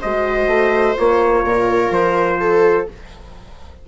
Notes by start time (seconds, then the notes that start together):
0.00 G#3 F#4 C5 D#5
0.47 A3
0.97 A#3 F4 C#5
1.44 A#2 A#4
1.91 F3 C5
2.39 A4